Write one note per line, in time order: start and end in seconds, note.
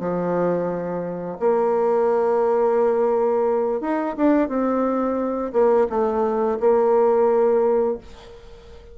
0.00 1.38 F3
1.39 3.81 A#3
3.81 4.15 D#4
4.17 4.49 D4
4.49 5.52 C4
5.53 5.87 A#3
5.89 6.58 A3
6.60 7.98 A#3